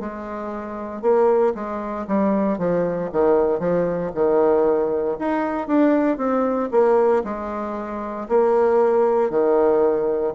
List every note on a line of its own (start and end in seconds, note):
0.00 1.02 G#3
1.02 1.54 A#3
1.55 2.07 G#3
2.07 2.59 G3
2.59 3.10 F3
3.13 3.60 D#3
3.60 4.11 F3
4.15 5.18 D#3
5.19 5.68 D#4
5.68 6.18 D4
6.18 6.70 C4
6.72 7.24 A#3
7.25 8.28 G#3
8.29 9.31 A#3
9.31 10.34 D#3